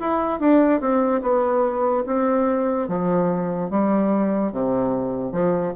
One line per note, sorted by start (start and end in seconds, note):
0.00 0.40 E4
0.40 0.81 D4
0.81 1.22 C4
1.22 2.04 B3
2.06 2.88 C4
2.88 3.70 F3
3.70 4.52 G3
4.52 5.32 C3
5.32 5.73 F3